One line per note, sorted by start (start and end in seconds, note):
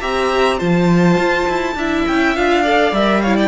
0.00 0.61 C4
0.00 0.58 G4
0.00 0.58 E5
0.00 0.59 A#5
0.58 1.18 F3
0.58 1.75 F4
0.58 1.74 C5
0.58 2.05 A5
1.18 1.47 F4
1.49 1.75 E4
1.75 2.05 D4
1.75 2.36 E4
1.75 2.62 E5
2.07 2.37 C#4
2.07 2.36 G5
2.36 2.92 D4
2.36 2.65 F4
2.36 2.94 F5
2.62 2.94 A4
2.62 3.21 D5
2.92 3.48 G3
2.92 3.25 A#4
2.92 3.22 E5
3.22 3.48 E4
3.22 3.36 C#5
3.22 3.36 F5
3.36 3.48 D5
3.36 3.48 G5